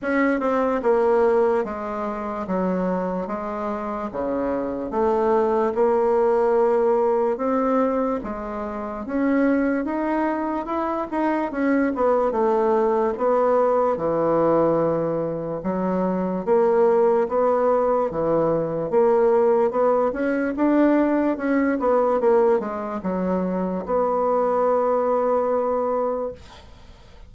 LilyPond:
\new Staff \with { instrumentName = "bassoon" } { \time 4/4 \tempo 4 = 73 cis'8 c'8 ais4 gis4 fis4 | gis4 cis4 a4 ais4~ | ais4 c'4 gis4 cis'4 | dis'4 e'8 dis'8 cis'8 b8 a4 |
b4 e2 fis4 | ais4 b4 e4 ais4 | b8 cis'8 d'4 cis'8 b8 ais8 gis8 | fis4 b2. | }